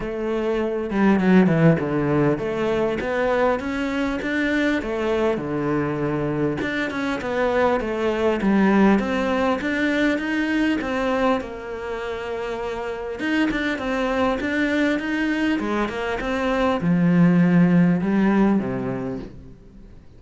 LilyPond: \new Staff \with { instrumentName = "cello" } { \time 4/4 \tempo 4 = 100 a4. g8 fis8 e8 d4 | a4 b4 cis'4 d'4 | a4 d2 d'8 cis'8 | b4 a4 g4 c'4 |
d'4 dis'4 c'4 ais4~ | ais2 dis'8 d'8 c'4 | d'4 dis'4 gis8 ais8 c'4 | f2 g4 c4 | }